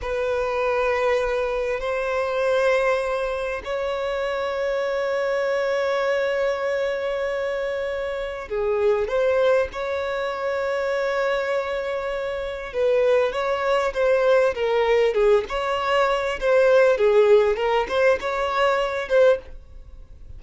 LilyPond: \new Staff \with { instrumentName = "violin" } { \time 4/4 \tempo 4 = 99 b'2. c''4~ | c''2 cis''2~ | cis''1~ | cis''2 gis'4 c''4 |
cis''1~ | cis''4 b'4 cis''4 c''4 | ais'4 gis'8 cis''4. c''4 | gis'4 ais'8 c''8 cis''4. c''8 | }